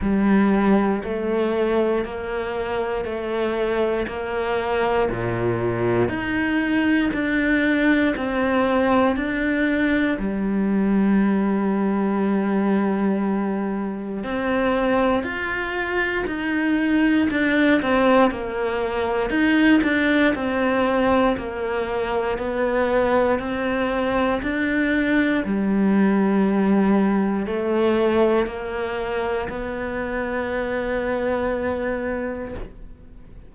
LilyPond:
\new Staff \with { instrumentName = "cello" } { \time 4/4 \tempo 4 = 59 g4 a4 ais4 a4 | ais4 ais,4 dis'4 d'4 | c'4 d'4 g2~ | g2 c'4 f'4 |
dis'4 d'8 c'8 ais4 dis'8 d'8 | c'4 ais4 b4 c'4 | d'4 g2 a4 | ais4 b2. | }